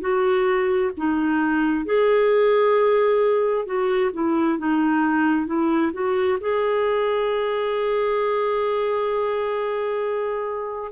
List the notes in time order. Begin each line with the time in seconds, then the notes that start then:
0.00 F#4
0.97 D#4
1.85 G#4
3.65 F#4
4.13 E4
4.58 D#4
5.46 E4
5.93 F#4
6.40 G#4